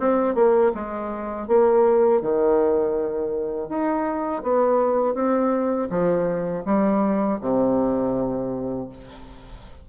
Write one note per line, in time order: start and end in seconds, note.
0.00 0.35 C4
0.35 0.72 A#3
0.74 1.48 G#3
1.48 2.22 A#3
2.22 3.69 D#3
3.69 4.43 D#4
4.43 5.14 B3
5.14 5.89 C4
5.90 6.64 F3
6.65 7.39 G3
7.41 8.89 C3